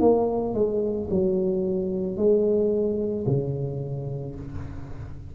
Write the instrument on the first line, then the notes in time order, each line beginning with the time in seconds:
tuba
0.00 A#3
0.54 G#3
1.11 F#3
2.17 G#3
3.26 C#3